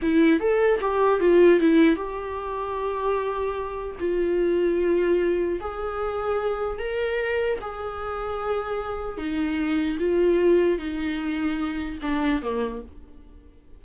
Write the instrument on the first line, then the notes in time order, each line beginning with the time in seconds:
viola
0.02 E4
0.40 A4
0.80 G4
1.19 F4
1.60 E4
1.96 G4
3.99 F4
5.60 G#4
6.78 A#4
7.61 G#4
9.17 D#4
9.99 F4
10.78 D#4
12.02 D4
12.42 A#3